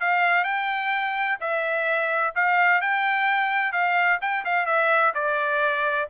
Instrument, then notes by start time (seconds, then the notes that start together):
trumpet
0.00 F5
0.44 G5
1.40 E5
2.35 F5
2.81 G5
3.72 F5
4.21 G5
4.44 F5
4.66 E5
5.14 D5